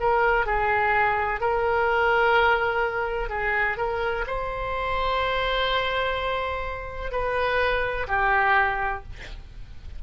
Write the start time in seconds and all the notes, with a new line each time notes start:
0.00 A#4
0.46 G#4
1.40 A#4
3.29 G#4
3.77 A#4
4.27 C5
7.12 B4
8.08 G4